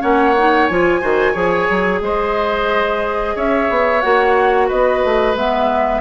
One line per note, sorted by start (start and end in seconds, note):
0.00 0.69 A#3
0.00 0.33 C#4
0.00 1.00 C#5
0.00 0.66 F#5
0.37 0.70 D#4
0.66 1.03 F3
0.66 1.01 F4
0.66 1.99 G#5
1.01 1.34 D#3
1.01 1.33 F#4
1.01 1.32 C5
1.32 1.67 F3
1.32 4.00 G#4
1.32 1.99 C#5
1.69 2.01 F#3
2.01 3.34 G#3
2.01 3.35 C5
2.01 3.37 D#5
3.35 3.69 C#4
3.35 4.67 C#5
3.35 4.01 E5
3.69 4.02 B3
4.01 4.70 A#3
4.01 5.35 F#4
4.01 4.67 F#5
4.67 5.04 B3
4.67 6.01 B4
4.67 5.35 D#5
5.04 5.34 A3
5.34 6.01 G#3
5.34 6.01 B3
5.34 6.01 E5